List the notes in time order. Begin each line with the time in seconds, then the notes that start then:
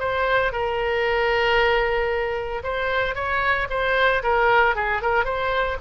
0.00 C5
0.53 A#4
2.64 C5
3.16 C#5
3.70 C5
4.24 A#4
4.76 G#4
5.02 A#4
5.25 C5